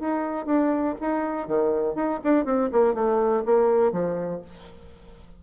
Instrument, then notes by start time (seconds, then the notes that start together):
bassoon
0.00 D#4
0.46 D4
1.01 D#4
1.48 D#3
1.95 D#4
2.24 D4
2.45 C4
2.73 A#3
2.95 A3
3.46 A#3
3.92 F3